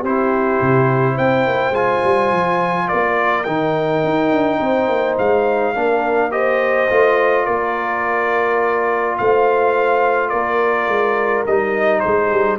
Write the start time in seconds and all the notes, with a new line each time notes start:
0.00 C4 E4 G4 C5
0.62 C3
1.15 C4 C5 G5
1.47 A#3
1.71 G#3 F4 G#5
2.04 G3
2.32 F3
2.89 A#3 A#4 D5
3.44 D#3 D#4 G5
4.04 D#4
4.32 D4
4.60 C4 C5
4.89 A#3
5.19 G#3 F5
5.75 A#3 D4 A#4
6.31 G4 C5 D#5
6.90 A3 F4
7.45 A#3 A#4 D5
9.18 A3 C5 F5
10.29 A#3 A#4 D5
10.88 G#3
11.47 G3 D#4 D#5
12.00 G#3 G#4 C5
12.32 G3